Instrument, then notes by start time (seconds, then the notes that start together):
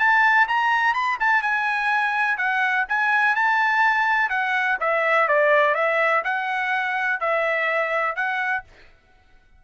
trumpet
0.00 A5
0.48 A#5
0.94 B5
1.20 A5
1.42 G#5
2.38 F#5
2.89 G#5
3.36 A5
4.30 F#5
4.81 E5
5.29 D5
5.75 E5
6.25 F#5
7.20 E5
8.16 F#5